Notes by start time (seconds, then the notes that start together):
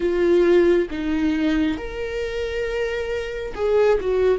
0.00 F4
0.90 D#4
1.77 A#4
3.54 G#4
4.00 F#4